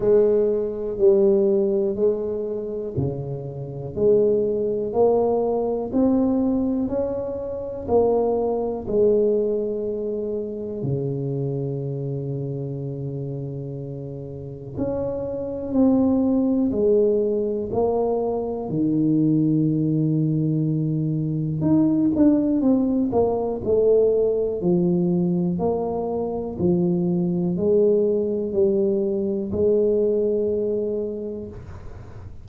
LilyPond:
\new Staff \with { instrumentName = "tuba" } { \time 4/4 \tempo 4 = 61 gis4 g4 gis4 cis4 | gis4 ais4 c'4 cis'4 | ais4 gis2 cis4~ | cis2. cis'4 |
c'4 gis4 ais4 dis4~ | dis2 dis'8 d'8 c'8 ais8 | a4 f4 ais4 f4 | gis4 g4 gis2 | }